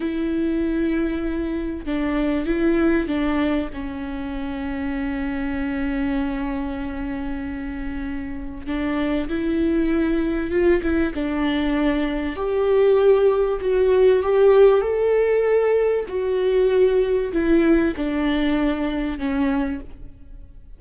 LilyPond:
\new Staff \with { instrumentName = "viola" } { \time 4/4 \tempo 4 = 97 e'2. d'4 | e'4 d'4 cis'2~ | cis'1~ | cis'2 d'4 e'4~ |
e'4 f'8 e'8 d'2 | g'2 fis'4 g'4 | a'2 fis'2 | e'4 d'2 cis'4 | }